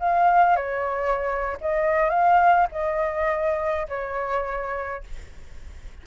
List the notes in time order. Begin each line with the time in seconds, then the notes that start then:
0.00 F5
0.57 C#5
1.61 D#5
2.10 F5
2.72 D#5
3.89 C#5